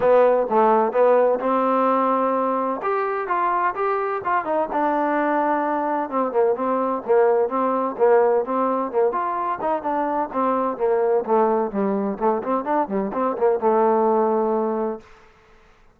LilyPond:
\new Staff \with { instrumentName = "trombone" } { \time 4/4 \tempo 4 = 128 b4 a4 b4 c'4~ | c'2 g'4 f'4 | g'4 f'8 dis'8 d'2~ | d'4 c'8 ais8 c'4 ais4 |
c'4 ais4 c'4 ais8 f'8~ | f'8 dis'8 d'4 c'4 ais4 | a4 g4 a8 c'8 d'8 g8 | c'8 ais8 a2. | }